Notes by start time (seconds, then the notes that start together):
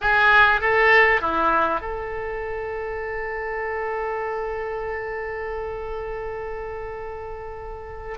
0.01 G#4
0.60 A4
1.21 E4
1.80 A4